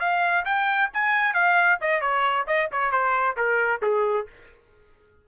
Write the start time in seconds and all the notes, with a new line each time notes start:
0.00 F5
0.45 G5
0.94 G#5
1.34 F5
1.81 D#5
2.01 C#5
2.47 D#5
2.72 C#5
2.92 C5
3.37 A#4
3.82 G#4